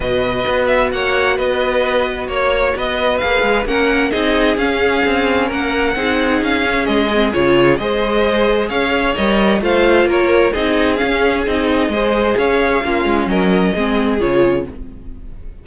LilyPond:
<<
  \new Staff \with { instrumentName = "violin" } { \time 4/4 \tempo 4 = 131 dis''4. e''8 fis''4 dis''4~ | dis''4 cis''4 dis''4 f''4 | fis''4 dis''4 f''2 | fis''2 f''4 dis''4 |
cis''4 dis''2 f''4 | dis''4 f''4 cis''4 dis''4 | f''4 dis''2 f''4~ | f''4 dis''2 cis''4 | }
  \new Staff \with { instrumentName = "violin" } { \time 4/4 b'2 cis''4 b'4~ | b'4 cis''4 b'2 | ais'4 gis'2. | ais'4 gis'2.~ |
gis'4 c''2 cis''4~ | cis''4 c''4 ais'4 gis'4~ | gis'2 c''4 cis''4 | f'4 ais'4 gis'2 | }
  \new Staff \with { instrumentName = "viola" } { \time 4/4 fis'1~ | fis'2. gis'4 | cis'4 dis'4 cis'2~ | cis'4 dis'4. cis'4 c'8 |
f'4 gis'2. | ais'4 f'2 dis'4 | cis'4 dis'4 gis'2 | cis'2 c'4 f'4 | }
  \new Staff \with { instrumentName = "cello" } { \time 4/4 b,4 b4 ais4 b4~ | b4 ais4 b4 ais8 gis8 | ais4 c'4 cis'4 c'4 | ais4 c'4 cis'4 gis4 |
cis4 gis2 cis'4 | g4 a4 ais4 c'4 | cis'4 c'4 gis4 cis'4 | ais8 gis8 fis4 gis4 cis4 | }
>>